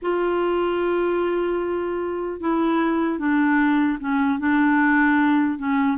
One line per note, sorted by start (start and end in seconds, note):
0.01 2.40 F4
2.40 3.19 E4
3.19 3.99 D4
3.99 4.39 C#4
4.39 5.58 D4
5.58 5.97 C#4